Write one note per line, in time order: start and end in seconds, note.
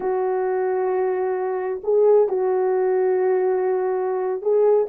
0.00 1.81 F#4
1.83 2.28 G#4
2.28 4.42 F#4
4.42 4.87 G#4